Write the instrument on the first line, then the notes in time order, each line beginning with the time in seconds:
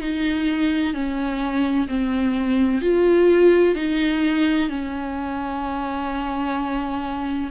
viola
0.00 D#4
0.94 C#4
1.87 C4
2.82 F4
3.75 D#4
4.69 C#4